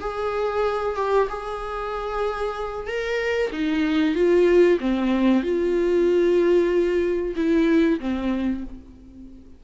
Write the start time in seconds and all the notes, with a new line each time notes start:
0.00 G#4
0.96 G4
1.29 G#4
2.87 A#4
3.52 D#4
4.15 F4
4.80 C4
5.43 F4
7.35 E4
8.00 C4